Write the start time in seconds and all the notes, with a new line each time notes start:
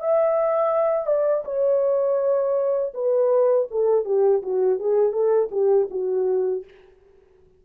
0.00 E5
1.06 D5
1.45 C#5
2.94 B4
3.70 A4
4.05 G4
4.42 F#4
4.79 G#4
5.12 A4
5.51 G4
5.90 F#4